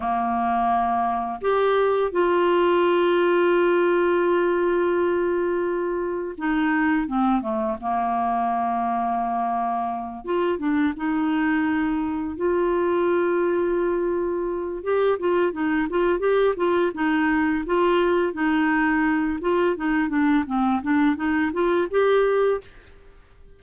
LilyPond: \new Staff \with { instrumentName = "clarinet" } { \time 4/4 \tempo 4 = 85 ais2 g'4 f'4~ | f'1~ | f'4 dis'4 c'8 a8 ais4~ | ais2~ ais8 f'8 d'8 dis'8~ |
dis'4. f'2~ f'8~ | f'4 g'8 f'8 dis'8 f'8 g'8 f'8 | dis'4 f'4 dis'4. f'8 | dis'8 d'8 c'8 d'8 dis'8 f'8 g'4 | }